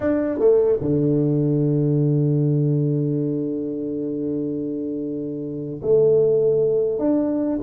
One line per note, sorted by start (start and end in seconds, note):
0.00 0.39 D4
0.39 0.79 A3
0.81 5.81 D3
5.82 6.98 A3
6.98 7.58 D4